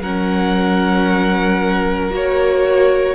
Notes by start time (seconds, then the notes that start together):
0.00 F#3 C#4 A#4 F#5
2.11 A#3 F#4 C#5